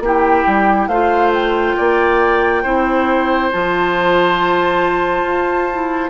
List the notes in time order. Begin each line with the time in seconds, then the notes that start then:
0.00 A#3 E4 G4 G5
0.47 G3
0.87 A3 F4 C5 F5
1.33 G5
1.76 A#3 D5
2.63 C4 E4 C5
3.51 F3 F4 A5
5.23 F4
5.72 E4